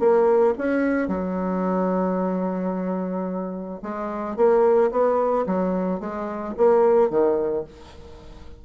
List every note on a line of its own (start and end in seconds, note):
0.00 0.55 A#3
0.58 1.08 C#4
1.08 3.81 F#3
3.83 4.37 G#3
4.37 4.91 A#3
4.92 5.46 B3
5.47 6.00 F#3
6.00 6.55 G#3
6.58 7.11 A#3
7.11 7.65 D#3